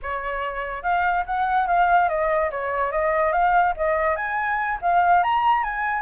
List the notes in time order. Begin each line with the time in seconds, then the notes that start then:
0.02 C#5
0.82 F5
1.26 F#5
1.67 F5
2.08 D#5
2.50 C#5
2.91 D#5
3.32 F5
3.76 D#5
4.16 G#5
4.81 F5
5.23 A#5
5.63 G#5